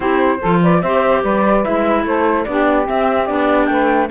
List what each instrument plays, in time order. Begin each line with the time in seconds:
0.00 cello C4, clarinet E4, saxophone G4, flute C5
0.40 cello F3, clarinet F4, saxophone A4
0.62 saxophone B4, flute D5
0.81 cello C4, clarinet G4, saxophone C5, flute E5
1.22 cello G3, saxophone B4, flute D5
1.64 cello G#3, clarinet E4, flute E5
2.04 cello A3, saxophone A4, flute C5
2.44 cello B3, clarinet D4, saxophone G4, flute D5
2.84 clarinet C4, cello C4, flute E5
3.26 cello B3, clarinet D4, flute D5
3.66 cello A3, saxophone B4, flute G5